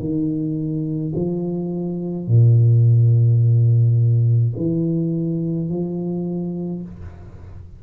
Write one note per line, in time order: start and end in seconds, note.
0.00 1.13 D#3
1.15 2.27 F3
2.27 4.54 A#2
4.57 5.69 E3
5.69 6.82 F3